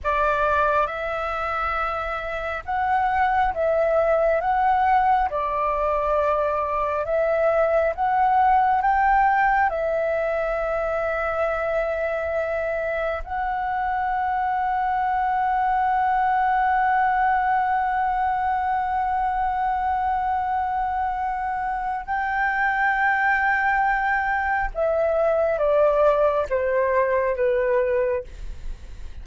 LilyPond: \new Staff \with { instrumentName = "flute" } { \time 4/4 \tempo 4 = 68 d''4 e''2 fis''4 | e''4 fis''4 d''2 | e''4 fis''4 g''4 e''4~ | e''2. fis''4~ |
fis''1~ | fis''1~ | fis''4 g''2. | e''4 d''4 c''4 b'4 | }